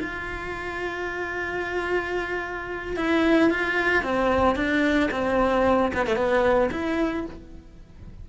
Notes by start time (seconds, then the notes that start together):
0.00 F4
2.97 E4
3.51 F4
4.03 C4
4.56 D4
5.12 C4
5.94 B3
6.07 A3
6.16 B3
6.72 E4